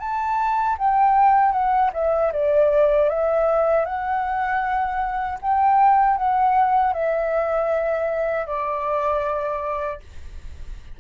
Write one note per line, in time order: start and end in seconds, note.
0.00 0.77 A5
0.79 1.52 G5
1.52 1.91 F#5
1.94 2.32 E5
2.33 3.10 D5
3.10 3.85 E5
3.85 5.39 F#5
5.42 6.17 G5
6.17 6.94 F#5
6.94 8.47 E5
8.47 10.00 D5